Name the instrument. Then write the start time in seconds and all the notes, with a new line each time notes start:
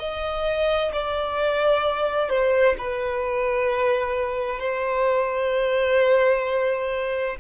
violin
0.00 D#5
0.93 D5
2.30 C5
2.79 B4
4.60 C5